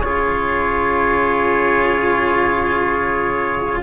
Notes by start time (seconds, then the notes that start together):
0.00 C#3 F4 G#4 C#5